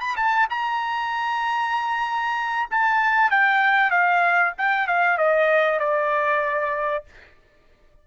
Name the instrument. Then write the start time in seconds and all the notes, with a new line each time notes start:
trumpet
0.00 B5
0.16 A5
0.49 A#5
2.70 A5
3.30 G5
3.90 F5
4.57 G5
4.87 F5
5.18 D#5
5.79 D5